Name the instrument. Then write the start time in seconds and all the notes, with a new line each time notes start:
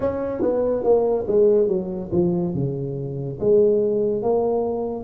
tuba
0.00 C#4
0.41 B3
0.83 A#3
1.27 G#3
1.68 F#3
2.12 F3
2.54 C#3
3.40 G#3
4.22 A#3